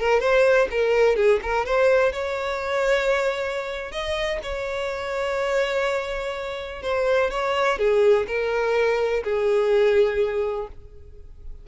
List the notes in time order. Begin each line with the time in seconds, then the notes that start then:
0.00 A#4
0.20 C5
0.71 A#4
1.16 G#4
1.43 A#4
1.66 C5
2.13 C#5
3.92 D#5
4.43 C#5
6.82 C5
7.31 C#5
7.79 G#4
8.27 A#4
9.24 G#4